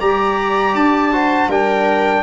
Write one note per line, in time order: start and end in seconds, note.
0.00 0.74 G3
0.00 1.13 G4
0.00 1.12 D5
0.00 0.75 A#5
0.74 1.48 D4
0.74 1.50 A5
1.13 1.50 F#4
1.13 1.49 C5
1.48 2.23 G3
1.48 2.23 D4
1.48 2.23 A#4
1.48 2.23 G5